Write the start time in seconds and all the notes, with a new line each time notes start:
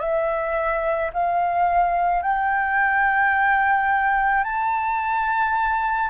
0.00 E5
1.14 F5
2.23 G5
4.44 A5